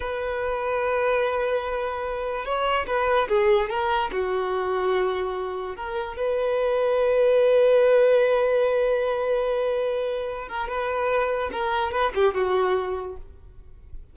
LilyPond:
\new Staff \with { instrumentName = "violin" } { \time 4/4 \tempo 4 = 146 b'1~ | b'2 cis''4 b'4 | gis'4 ais'4 fis'2~ | fis'2 ais'4 b'4~ |
b'1~ | b'1~ | b'4. ais'8 b'2 | ais'4 b'8 g'8 fis'2 | }